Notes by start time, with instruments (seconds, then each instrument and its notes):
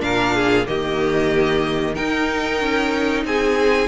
0.00 cello A#2, viola D4, violin A#4 F5
0.36 violin G#4
0.66 cello D#3, viola A#3, violin G4 D#5
1.95 viola D#4, cello D#4, violin A#4 G5
2.61 cello C#4
3.25 cello C4, violin G#4 G#5